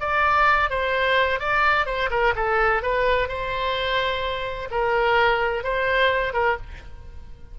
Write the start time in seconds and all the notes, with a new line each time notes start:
0.00 D5
0.70 C5
1.39 D5
1.86 C5
2.10 A#4
2.36 A4
2.82 B4
3.28 C5
4.71 A#4
5.64 C5
6.33 A#4